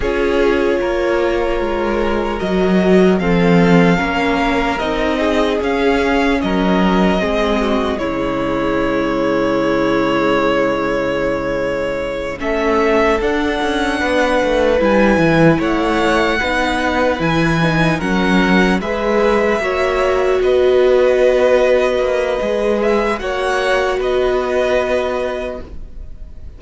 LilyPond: <<
  \new Staff \with { instrumentName = "violin" } { \time 4/4 \tempo 4 = 75 cis''2. dis''4 | f''2 dis''4 f''4 | dis''2 cis''2~ | cis''2.~ cis''8 e''8~ |
e''8 fis''2 gis''4 fis''8~ | fis''4. gis''4 fis''4 e''8~ | e''4. dis''2~ dis''8~ | dis''8 e''8 fis''4 dis''2 | }
  \new Staff \with { instrumentName = "violin" } { \time 4/4 gis'4 ais'2. | a'4 ais'4. gis'4. | ais'4 gis'8 fis'8 e'2~ | e'2.~ e'8 a'8~ |
a'4. b'2 cis''8~ | cis''8 b'2 ais'4 b'8~ | b'8 cis''4 b'2~ b'8~ | b'4 cis''4 b'2 | }
  \new Staff \with { instrumentName = "viola" } { \time 4/4 f'2. fis'4 | c'4 cis'4 dis'4 cis'4~ | cis'4 c'4 gis2~ | gis2.~ gis8 cis'8~ |
cis'8 d'2 e'4.~ | e'8 dis'4 e'8 dis'8 cis'4 gis'8~ | gis'8 fis'2.~ fis'8 | gis'4 fis'2. | }
  \new Staff \with { instrumentName = "cello" } { \time 4/4 cis'4 ais4 gis4 fis4 | f4 ais4 c'4 cis'4 | fis4 gis4 cis2~ | cis2.~ cis8 a8~ |
a8 d'8 cis'8 b8 a8 g8 e8 a8~ | a8 b4 e4 fis4 gis8~ | gis8 ais4 b2 ais8 | gis4 ais4 b2 | }
>>